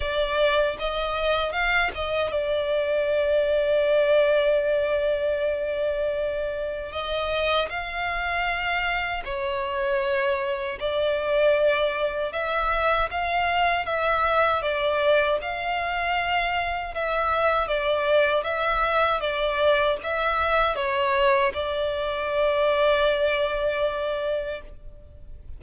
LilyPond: \new Staff \with { instrumentName = "violin" } { \time 4/4 \tempo 4 = 78 d''4 dis''4 f''8 dis''8 d''4~ | d''1~ | d''4 dis''4 f''2 | cis''2 d''2 |
e''4 f''4 e''4 d''4 | f''2 e''4 d''4 | e''4 d''4 e''4 cis''4 | d''1 | }